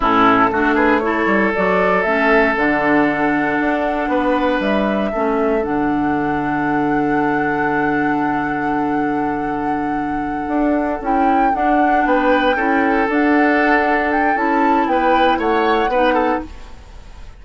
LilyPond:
<<
  \new Staff \with { instrumentName = "flute" } { \time 4/4 \tempo 4 = 117 a'4. b'8 cis''4 d''4 | e''4 fis''2.~ | fis''4 e''2 fis''4~ | fis''1~ |
fis''1~ | fis''4. g''4 fis''4 g''8~ | g''4. fis''2 g''8 | a''4 g''4 fis''2 | }
  \new Staff \with { instrumentName = "oboe" } { \time 4/4 e'4 fis'8 gis'8 a'2~ | a'1 | b'2 a'2~ | a'1~ |
a'1~ | a'2.~ a'8 b'8~ | b'8 a'2.~ a'8~ | a'4 b'4 cis''4 b'8 a'8 | }
  \new Staff \with { instrumentName = "clarinet" } { \time 4/4 cis'4 d'4 e'4 fis'4 | cis'4 d'2.~ | d'2 cis'4 d'4~ | d'1~ |
d'1~ | d'4. e'4 d'4.~ | d'8 e'4 d'2~ d'8 | e'2. dis'4 | }
  \new Staff \with { instrumentName = "bassoon" } { \time 4/4 a,4 a4. g8 fis4 | a4 d2 d'4 | b4 g4 a4 d4~ | d1~ |
d1~ | d8 d'4 cis'4 d'4 b8~ | b8 cis'4 d'2~ d'8 | cis'4 b4 a4 b4 | }
>>